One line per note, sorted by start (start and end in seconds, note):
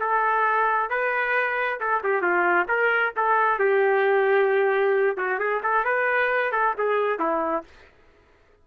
0.00 0.90 A4
0.90 1.80 B4
1.80 2.03 A4
2.04 2.22 G4
2.22 2.67 F4
2.69 3.14 A#4
3.17 3.59 A4
3.59 5.17 G4
5.17 5.39 F#4
5.39 5.62 G#4
5.63 5.85 A4
5.85 6.52 B4
6.52 6.75 A4
6.78 7.19 G#4
7.19 7.64 E4